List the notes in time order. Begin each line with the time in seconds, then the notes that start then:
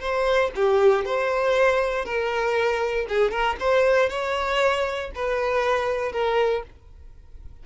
0.00 C5
0.55 G4
1.05 C5
2.05 A#4
3.09 G#4
3.31 A#4
3.60 C5
4.09 C#5
5.15 B4
6.12 A#4